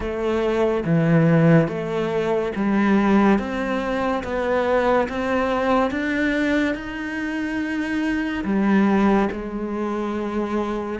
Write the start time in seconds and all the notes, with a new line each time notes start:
0.00 A3
0.85 E3
1.67 A3
2.55 G3
3.38 C4
4.23 B3
5.08 C4
5.90 D4
6.75 D#4
8.44 G3
9.32 G#3